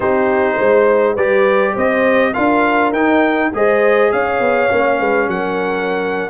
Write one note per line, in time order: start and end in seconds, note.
0.00 0.58 C4
0.00 1.17 D#4
0.00 0.58 G4
0.00 1.16 C5
0.58 1.16 G#3
0.58 1.13 C5
1.13 1.75 G3
1.13 2.34 G4
1.13 1.72 B4
1.13 1.75 D5
1.74 2.35 C4
1.74 2.33 C5
1.74 2.33 D#5
2.33 2.92 D4
2.33 2.93 F4
2.33 3.50 A#4
2.33 2.92 F5
2.92 3.50 D#4
2.92 3.52 D#4
2.92 3.52 G5
3.53 4.12 G#3
3.53 4.70 G#4
3.53 4.12 C5
3.53 4.12 D#5
4.12 4.40 C#4
4.12 4.98 C#5
4.12 5.29 F5
4.40 4.69 B3
4.70 5.00 A#3
4.70 6.29 C#4
4.98 5.27 G#3
4.98 5.28 B4
5.27 6.29 F#3
5.27 6.29 A#4
5.27 6.29 F#5